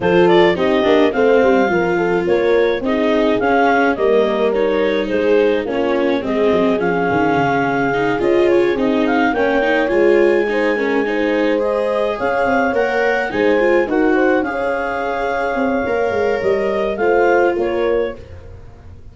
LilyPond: <<
  \new Staff \with { instrumentName = "clarinet" } { \time 4/4 \tempo 4 = 106 c''8 d''8 dis''4 f''2 | cis''4 dis''4 f''4 dis''4 | cis''4 c''4 cis''4 dis''4 | f''2~ f''8 dis''8 cis''8 dis''8 |
f''8 g''4 gis''2~ gis''8~ | gis''8 dis''4 f''4 fis''4 gis''8~ | gis''8 fis''4 f''2~ f''8~ | f''4 dis''4 f''4 cis''4 | }
  \new Staff \with { instrumentName = "horn" } { \time 4/4 a'4 g'4 c''4 ais'8 a'8 | ais'4 gis'2 ais'4~ | ais'4 gis'4 f'4 gis'4~ | gis'1~ |
gis'8 cis''2 c''8 ais'8 c''8~ | c''4. cis''2 c''8~ | c''8 ais'8 c''8 cis''2~ cis''8~ | cis''2 c''4 ais'4 | }
  \new Staff \with { instrumentName = "viola" } { \time 4/4 f'4 dis'8 d'8 c'4 f'4~ | f'4 dis'4 cis'4 ais4 | dis'2 cis'4 c'4 | cis'2 dis'8 f'4 dis'8~ |
dis'8 cis'8 dis'8 f'4 dis'8 cis'8 dis'8~ | dis'8 gis'2 ais'4 dis'8 | f'8 fis'4 gis'2~ gis'8 | ais'2 f'2 | }
  \new Staff \with { instrumentName = "tuba" } { \time 4/4 f4 c'8 ais8 a8 g8 f4 | ais4 c'4 cis'4 g4~ | g4 gis4 ais4 gis8 fis8 | f8 dis8 cis4. cis'4 c'8~ |
c'8 ais4 gis2~ gis8~ | gis4. cis'8 c'8 ais4 gis8~ | gis8 dis'4 cis'2 c'8 | ais8 gis8 g4 a4 ais4 | }
>>